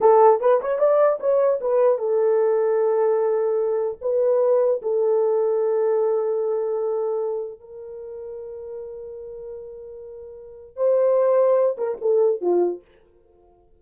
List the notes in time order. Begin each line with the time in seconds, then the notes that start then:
0.00 A4
0.40 B4
0.61 C#5
0.78 D5
1.20 C#5
1.61 B4
1.98 A4
4.01 B4
4.82 A4
7.59 A#4
10.76 C5
11.77 A#4
12.01 A4
12.41 F4